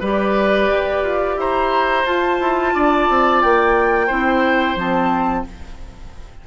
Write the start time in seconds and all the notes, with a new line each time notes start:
0.00 G3 G4 B4 D5
0.69 G4
1.02 F4
1.36 E4 C5 A#5
2.05 F4 A5
2.39 E4
2.74 D4 D5
3.09 C4
3.41 A#3 G5
4.07 C4 E4 C5
4.76 F3 C4 A5